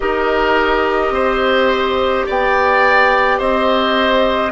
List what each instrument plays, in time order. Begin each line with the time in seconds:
0.00 bassoon D#4, clarinet G4, oboe A#4, flute D#5
1.10 bassoon C4, oboe C5
2.26 bassoon B3, oboe D5, flute G5
3.38 bassoon C4, oboe C5, flute D#5